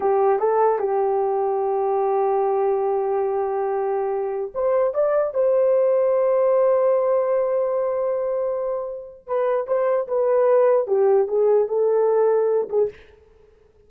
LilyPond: \new Staff \with { instrumentName = "horn" } { \time 4/4 \tempo 4 = 149 g'4 a'4 g'2~ | g'1~ | g'2.~ g'16 c''8.~ | c''16 d''4 c''2~ c''8.~ |
c''1~ | c''2. b'4 | c''4 b'2 g'4 | gis'4 a'2~ a'8 gis'8 | }